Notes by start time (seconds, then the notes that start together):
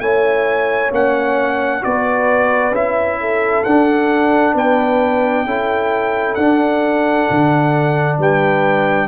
0.00 A3 E4 C#5 G#5
0.91 A#3 C#4 F#5
1.81 B3 F#4 B4 D5
2.71 C#4 E4 E5
3.21 A4
3.64 D4 F#5
4.54 B3 B4 G5
5.45 C#4 E4 A4
6.35 D4 F#5
7.31 D3
8.19 G3 B4 G5